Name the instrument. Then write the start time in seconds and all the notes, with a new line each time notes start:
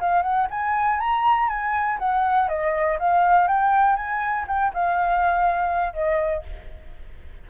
flute
0.00 F5
0.22 F#5
0.50 G#5
1.00 A#5
1.49 G#5
1.99 F#5
2.48 D#5
2.99 F5
3.48 G5
3.96 G#5
4.48 G5
4.73 F5
5.94 D#5